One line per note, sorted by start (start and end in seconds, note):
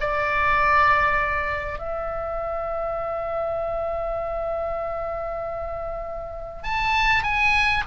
0.00 1.79 D5
1.79 6.63 E5
6.63 7.23 A5
7.23 7.83 G#5